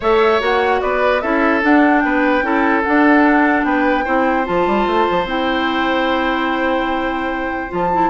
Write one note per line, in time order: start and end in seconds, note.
0.00 0.40 A3
0.00 0.40 A4
0.00 0.81 C#5
0.00 0.41 E5
0.40 0.81 A#3
0.40 1.21 F#4
0.40 0.81 F#5
0.81 1.22 B3
0.81 1.22 B4
0.81 1.21 D5
1.21 1.63 C#4
1.21 1.61 E4
1.21 2.03 A4
1.21 1.61 E5
1.61 2.42 D4
1.61 2.04 D4
1.61 2.00 F#5
2.00 2.42 B3
2.00 2.45 B4
2.00 2.81 G5
2.42 2.82 C#4
2.42 2.82 E4
2.42 3.66 A4
2.83 4.05 D4
2.83 3.64 D4
2.83 3.64 F#5
3.64 4.04 B3
3.64 4.04 B4
3.64 4.45 G5
4.04 4.48 C4
4.04 4.44 E4
4.04 8.09 C5
4.44 4.66 F3
4.44 5.25 F4
4.44 5.27 A5
4.66 4.86 G3
4.86 5.07 A3
5.10 5.25 F3
5.25 7.68 C4
5.25 7.69 E4
5.25 7.72 G5
7.69 8.10 F3
7.69 7.89 F4
7.69 8.10 A5
7.92 8.10 E4